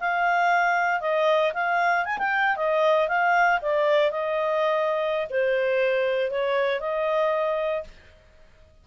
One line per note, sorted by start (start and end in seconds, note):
0.00 1.01 F5
1.01 1.53 D#5
1.54 2.05 F5
2.05 2.18 G#5
2.18 2.57 G5
2.57 3.08 D#5
3.08 3.60 F5
3.62 4.11 D5
4.11 5.28 D#5
5.30 6.31 C5
6.31 6.80 C#5
6.80 7.84 D#5